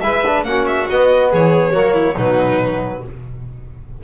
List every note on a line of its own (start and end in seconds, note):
0.00 0.43 G#3
0.00 0.24 E4
0.00 0.46 B4
0.00 0.43 E5
0.25 0.46 D4
0.43 0.86 A#3
0.43 0.89 C#4
0.43 1.31 F#4
0.43 0.65 F#5
0.66 0.87 E5
0.89 1.72 B3
0.89 1.33 B3
0.89 1.32 D#5
1.31 1.74 E3
1.31 1.72 G#4
1.31 2.17 C#5
1.72 2.17 F#3
1.72 2.15 A#3
1.72 1.93 F#4
1.93 2.14 E4
2.15 3.02 B2
2.15 3.02 F#3
2.15 3.01 D#4
2.15 3.03 B4